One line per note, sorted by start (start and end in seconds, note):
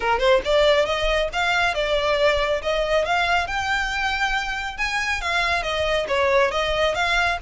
0.00 0.19 A#4
0.19 0.41 C5
0.44 0.85 D5
0.85 1.28 D#5
1.33 1.74 F5
1.74 2.61 D5
2.61 3.05 D#5
3.05 3.47 F5
3.47 4.77 G5
4.77 5.21 G#5
5.21 5.63 F5
5.63 6.06 D#5
6.08 6.51 C#5
6.51 6.94 D#5
6.94 7.38 F5